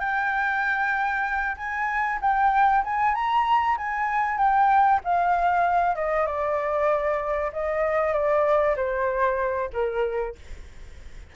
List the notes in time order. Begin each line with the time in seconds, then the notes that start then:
0.00 G5
1.57 G#5
2.22 G5
2.85 G#5
3.15 A#5
3.78 G#5
4.38 G5
5.05 F5
5.96 D#5
6.27 D5
7.53 D#5
8.13 D5
8.76 C5
9.73 A#4